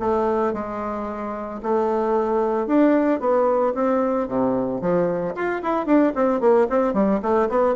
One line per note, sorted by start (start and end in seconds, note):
0.00 0.54 A3
0.54 1.61 G#3
1.63 2.67 A3
2.67 3.20 D4
3.20 3.74 B3
3.75 4.28 C4
4.28 4.81 C3
4.81 5.35 F3
5.35 5.62 F4
5.63 5.87 E4
5.87 6.13 D4
6.16 6.41 C4
6.41 6.68 A#3
6.70 6.94 C4
6.94 7.21 G3
7.23 7.50 A3
7.50 7.76 B3